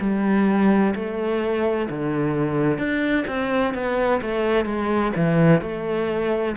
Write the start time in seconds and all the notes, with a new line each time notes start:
0.00 G3
0.95 A3
1.89 D3
2.78 D4
3.27 C4
3.74 B3
4.21 A3
4.65 G#3
5.16 E3
5.61 A3